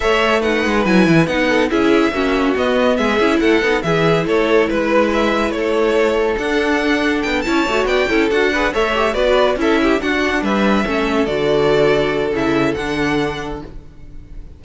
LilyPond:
<<
  \new Staff \with { instrumentName = "violin" } { \time 4/4 \tempo 4 = 141 e''4 fis''4 gis''4 fis''4 | e''2 dis''4 e''4 | fis''4 e''4 cis''4 b'4 | e''4 cis''2 fis''4~ |
fis''4 g''8 a''4 g''4 fis''8~ | fis''8 e''4 d''4 e''4 fis''8~ | fis''8 e''2 d''4.~ | d''4 e''4 fis''2 | }
  \new Staff \with { instrumentName = "violin" } { \time 4/4 cis''4 b'2~ b'8 a'8 | gis'4 fis'2 gis'4 | a'4 gis'4 a'4 b'4~ | b'4 a'2.~ |
a'4. cis''4 d''8 a'4 | b'8 cis''4 b'4 a'8 g'8 fis'8~ | fis'8 b'4 a'2~ a'8~ | a'1 | }
  \new Staff \with { instrumentName = "viola" } { \time 4/4 a'4 dis'4 e'4 dis'4 | e'4 cis'4 b4. e'8~ | e'8 dis'8 e'2.~ | e'2. d'4~ |
d'4. e'8 fis'4 e'8 fis'8 | gis'8 a'8 g'8 fis'4 e'4 d'8~ | d'4. cis'4 fis'4.~ | fis'4 e'4 d'2 | }
  \new Staff \with { instrumentName = "cello" } { \time 4/4 a4. gis8 fis8 e8 b4 | cis'4 ais4 b4 gis8 cis'8 | a8 b8 e4 a4 gis4~ | gis4 a2 d'4~ |
d'4 b8 cis'8 a8 b8 cis'8 d'8~ | d'8 a4 b4 cis'4 d'8~ | d'8 g4 a4 d4.~ | d4 cis4 d2 | }
>>